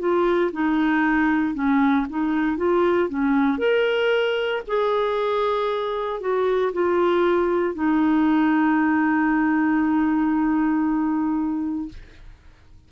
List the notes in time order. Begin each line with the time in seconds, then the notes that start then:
0.00 F4
0.52 D#4
1.55 C#4
2.10 D#4
2.58 F4
3.09 C#4
3.59 A#4
4.68 G#4
6.21 F#4
6.73 F4
7.75 D#4